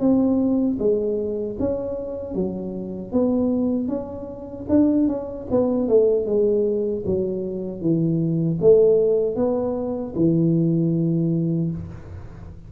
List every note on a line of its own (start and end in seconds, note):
0.00 0.78 C4
0.79 1.57 G#3
1.59 2.35 C#4
2.35 3.12 F#3
3.12 3.88 B3
3.88 4.66 C#4
4.69 5.08 D4
5.08 5.47 C#4
5.51 5.88 B3
5.88 6.26 A3
6.26 7.04 G#3
7.06 7.81 F#3
7.81 8.59 E3
8.61 9.36 A3
9.36 10.14 B3
10.15 11.71 E3